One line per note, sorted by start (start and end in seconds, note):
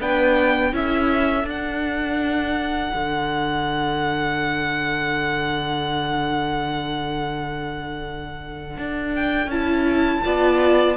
0.00 0.73 B3
0.00 0.73 D4
0.00 0.75 B4
0.00 0.75 G5
0.73 1.44 C#4
0.73 1.42 E4
0.73 10.25 A4
0.73 1.48 E5
1.42 9.47 D4
1.42 2.90 D4
1.50 9.15 F#5
2.95 8.77 D3
8.77 9.47 D4
9.15 9.51 G5
9.47 10.20 C#4
9.47 10.25 E4
9.47 10.96 A5
10.25 10.96 B3
10.25 10.96 F4
10.25 10.96 D5